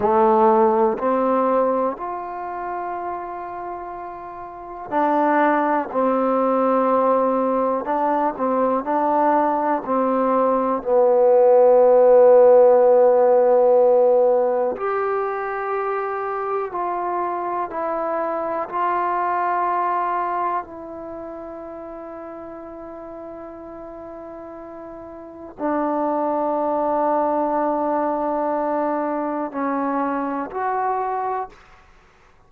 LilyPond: \new Staff \with { instrumentName = "trombone" } { \time 4/4 \tempo 4 = 61 a4 c'4 f'2~ | f'4 d'4 c'2 | d'8 c'8 d'4 c'4 b4~ | b2. g'4~ |
g'4 f'4 e'4 f'4~ | f'4 e'2.~ | e'2 d'2~ | d'2 cis'4 fis'4 | }